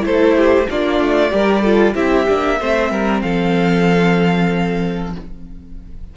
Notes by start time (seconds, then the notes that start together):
0.00 A3 E4 A4 C5
0.37 G4
0.70 A#3 D4 F4 D5
1.00 A3
1.30 G3 G4 A#4
1.62 F4 A4
1.94 C4 E4 G4 E5
2.28 A#3 D4
2.60 A3 C4 C5
2.91 G3 A#4
3.21 F3 A4 F5